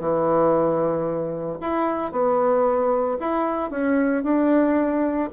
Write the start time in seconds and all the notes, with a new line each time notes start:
0.00 E3
1.61 E4
2.12 B3
3.20 E4
3.71 C#4
4.24 D4